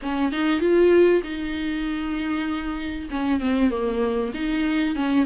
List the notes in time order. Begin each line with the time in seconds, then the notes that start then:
0.02 C#4
0.31 D#4
0.60 F4
1.23 D#4
3.10 C#4
3.40 C4
3.70 A#3
4.34 D#4
4.95 C#4